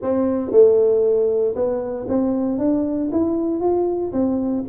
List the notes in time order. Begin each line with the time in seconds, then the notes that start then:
0.01 C4
0.51 A3
1.55 B3
2.08 C4
2.58 D4
3.11 E4
3.60 F4
4.12 C4